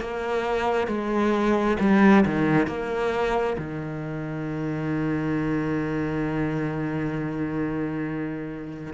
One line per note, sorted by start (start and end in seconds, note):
0.00 0.87 A#3
0.87 1.76 G#3
1.80 2.24 G3
2.25 2.67 D#3
2.67 3.56 A#3
3.57 8.93 D#3